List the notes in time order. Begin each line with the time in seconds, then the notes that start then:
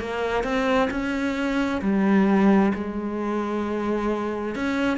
0.00 A#3
0.43 C4
0.90 C#4
1.82 G3
2.74 G#3
4.55 C#4